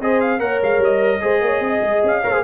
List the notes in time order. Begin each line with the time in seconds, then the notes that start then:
0.00 C4 G#4 C5 D#5
0.20 F5
0.39 A#3 A#4 C#5 F#5
0.62 G#3 F5
0.78 G3 D#5
1.20 G#3 G#4 C5
1.41 A#3 C#5
1.60 C4
1.66 D#5
1.81 G#3
2.03 C#4 F5
2.23 A#3 A#4 C#5
2.32 G#4 C5